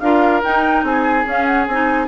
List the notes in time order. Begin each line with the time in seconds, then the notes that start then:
0.00 D4 F4 A#4 F5
0.43 D#4 G5
0.83 C4 G#4 G#5
1.26 C#4 F5
1.46 F#5
1.68 C4 D#4 G#5